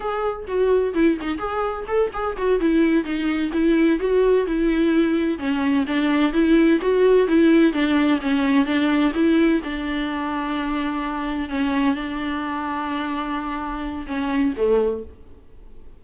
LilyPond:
\new Staff \with { instrumentName = "viola" } { \time 4/4 \tempo 4 = 128 gis'4 fis'4 e'8 dis'8 gis'4 | a'8 gis'8 fis'8 e'4 dis'4 e'8~ | e'8 fis'4 e'2 cis'8~ | cis'8 d'4 e'4 fis'4 e'8~ |
e'8 d'4 cis'4 d'4 e'8~ | e'8 d'2.~ d'8~ | d'8 cis'4 d'2~ d'8~ | d'2 cis'4 a4 | }